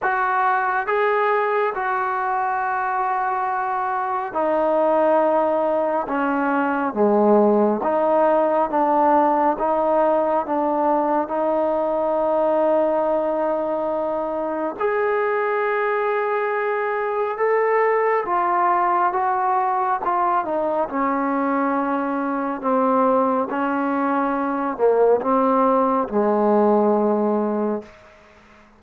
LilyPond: \new Staff \with { instrumentName = "trombone" } { \time 4/4 \tempo 4 = 69 fis'4 gis'4 fis'2~ | fis'4 dis'2 cis'4 | gis4 dis'4 d'4 dis'4 | d'4 dis'2.~ |
dis'4 gis'2. | a'4 f'4 fis'4 f'8 dis'8 | cis'2 c'4 cis'4~ | cis'8 ais8 c'4 gis2 | }